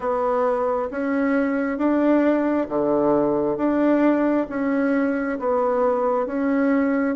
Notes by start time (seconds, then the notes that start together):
0.00 B3
0.90 C#4
1.77 D4
2.68 D3
3.57 D4
4.49 C#4
5.39 B3
6.26 C#4